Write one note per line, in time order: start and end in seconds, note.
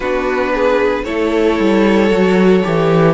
0.00 1.03 B3
0.00 1.05 D4
0.00 0.52 F#4
0.00 1.04 B4
0.54 1.04 G#4
1.04 1.59 A3
1.04 2.09 E4
1.04 3.13 A4
1.04 3.13 C#5
1.59 2.10 G3
2.09 2.63 F#3
2.09 2.62 F#4
2.63 3.13 E3
2.63 3.13 G4